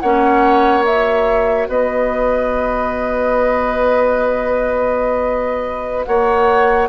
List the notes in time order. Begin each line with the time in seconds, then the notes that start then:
0.00 A#3 C#4 C#5 F#5
0.84 F#4 E5
1.68 B3 B4 D#5
6.05 A#3 C#5 F#5